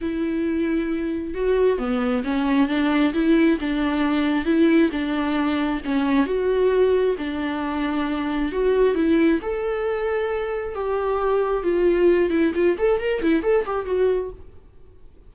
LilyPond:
\new Staff \with { instrumentName = "viola" } { \time 4/4 \tempo 4 = 134 e'2. fis'4 | b4 cis'4 d'4 e'4 | d'2 e'4 d'4~ | d'4 cis'4 fis'2 |
d'2. fis'4 | e'4 a'2. | g'2 f'4. e'8 | f'8 a'8 ais'8 e'8 a'8 g'8 fis'4 | }